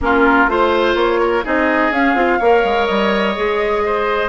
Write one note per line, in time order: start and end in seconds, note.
0.00 0.47 A#3
0.00 0.48 C#4
0.00 0.50 F4
0.00 0.49 A#4
0.47 0.94 A3
0.47 1.44 F4
0.47 0.96 C5
0.47 1.20 C5
0.94 1.42 A#3
0.94 1.44 C#5
1.20 1.44 A#4
1.44 1.90 C4
1.44 1.92 D#4
1.44 2.38 G#4
1.44 1.92 D#5
1.90 2.14 C#4
1.90 2.15 C#4
1.90 2.86 F5
2.14 2.38 C4
2.14 2.39 F4
2.38 2.64 A#3
2.38 3.35 A#4
2.38 3.82 C#5
2.64 2.88 G#3
2.86 3.37 G3
2.86 4.29 D#5
3.35 4.29 G#3
3.35 4.29 G#4
3.85 4.29 C5